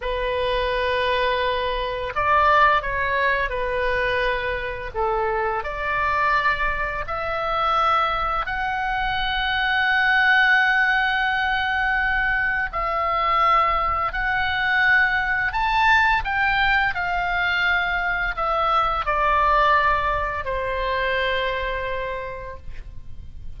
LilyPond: \new Staff \with { instrumentName = "oboe" } { \time 4/4 \tempo 4 = 85 b'2. d''4 | cis''4 b'2 a'4 | d''2 e''2 | fis''1~ |
fis''2 e''2 | fis''2 a''4 g''4 | f''2 e''4 d''4~ | d''4 c''2. | }